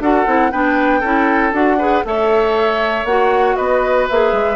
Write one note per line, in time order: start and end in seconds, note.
0.00 0.25 D4
0.00 0.27 F#4
0.00 0.52 A4
0.00 0.51 F#5
0.27 0.52 C4
0.27 0.52 E4
0.51 1.03 B3
0.51 1.03 D4
0.51 1.00 B4
0.51 1.53 G5
1.00 1.53 C#4
1.00 1.53 E4
1.00 1.77 A4
1.53 2.03 D4
1.53 1.78 F#4
1.53 2.05 F#5
1.78 2.05 G#4
1.78 2.04 B4
2.05 3.05 A3
2.05 3.06 A4
2.05 3.57 C#5
2.05 3.06 E5
3.05 3.55 A#3
3.05 4.10 F#4
3.05 3.56 F#5
3.56 4.10 B3
3.56 4.56 B4
3.56 4.07 D#5
4.10 4.32 A#3
4.10 4.56 G#4
4.10 4.56 E5
4.32 4.56 G#3